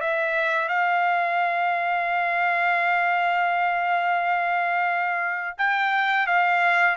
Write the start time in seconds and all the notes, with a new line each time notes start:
0.00 E5
0.68 F5
5.58 G5
6.26 F5